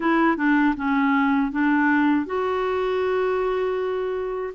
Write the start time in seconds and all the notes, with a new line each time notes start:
0.00 E4
0.36 D4
0.76 C#4
1.51 D4
2.25 F#4